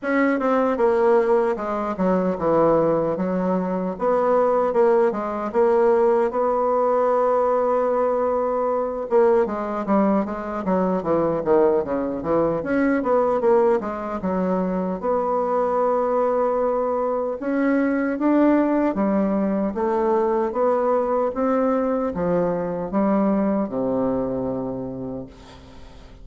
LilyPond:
\new Staff \with { instrumentName = "bassoon" } { \time 4/4 \tempo 4 = 76 cis'8 c'8 ais4 gis8 fis8 e4 | fis4 b4 ais8 gis8 ais4 | b2.~ b8 ais8 | gis8 g8 gis8 fis8 e8 dis8 cis8 e8 |
cis'8 b8 ais8 gis8 fis4 b4~ | b2 cis'4 d'4 | g4 a4 b4 c'4 | f4 g4 c2 | }